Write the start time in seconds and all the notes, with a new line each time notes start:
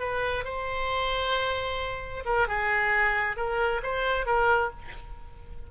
0.00 B4
0.45 C5
2.25 A#4
2.48 G#4
3.37 A#4
3.83 C5
4.26 A#4